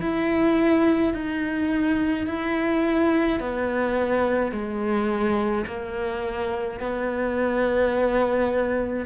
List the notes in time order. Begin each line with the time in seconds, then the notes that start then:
0.00 E4
1.13 D#4
2.26 E4
3.40 B3
4.51 G#3
5.66 A#3
6.80 B3